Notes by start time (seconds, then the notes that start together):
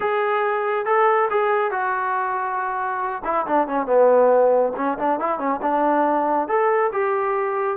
0.00 G#4
0.85 A4
1.30 G#4
1.71 F#4
3.24 E4
3.46 D4
3.67 C#4
3.86 B3
4.76 C#4
4.98 D4
5.19 E4
5.38 C#4
5.62 D4
6.47 A4
6.92 G4